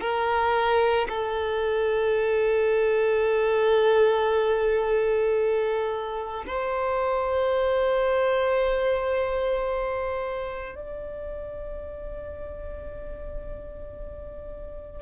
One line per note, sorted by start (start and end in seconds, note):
0.00 1.07 A#4
1.09 6.44 A4
6.46 10.75 C5
10.75 15.01 D5